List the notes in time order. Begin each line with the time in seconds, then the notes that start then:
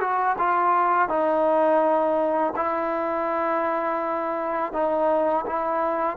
0.00 F#4
0.38 F4
1.09 D#4
2.56 E4
4.73 D#4
5.46 E4